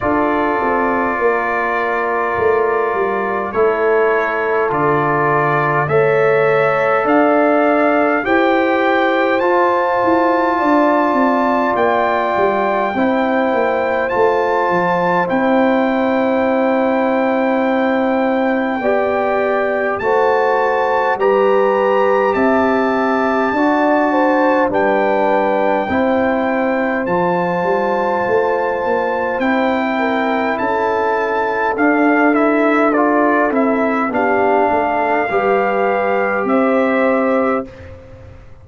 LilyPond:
<<
  \new Staff \with { instrumentName = "trumpet" } { \time 4/4 \tempo 4 = 51 d''2. cis''4 | d''4 e''4 f''4 g''4 | a''2 g''2 | a''4 g''2.~ |
g''4 a''4 ais''4 a''4~ | a''4 g''2 a''4~ | a''4 g''4 a''4 f''8 e''8 | d''8 e''8 f''2 e''4 | }
  \new Staff \with { instrumentName = "horn" } { \time 4/4 a'4 ais'2 a'4~ | a'4 cis''4 d''4 c''4~ | c''4 d''2 c''4~ | c''1 |
d''4 c''4 b'4 e''4 | d''8 c''8 b'4 c''2~ | c''4. ais'8 a'2~ | a'4 g'8 a'8 b'4 c''4 | }
  \new Staff \with { instrumentName = "trombone" } { \time 4/4 f'2. e'4 | f'4 a'2 g'4 | f'2. e'4 | f'4 e'2. |
g'4 fis'4 g'2 | fis'4 d'4 e'4 f'4~ | f'4 e'2 d'8 e'8 | f'8 e'8 d'4 g'2 | }
  \new Staff \with { instrumentName = "tuba" } { \time 4/4 d'8 c'8 ais4 a8 g8 a4 | d4 a4 d'4 e'4 | f'8 e'8 d'8 c'8 ais8 g8 c'8 ais8 | a8 f8 c'2. |
b4 a4 g4 c'4 | d'4 g4 c'4 f8 g8 | a8 ais8 c'4 cis'4 d'4~ | d'8 c'8 b8 a8 g4 c'4 | }
>>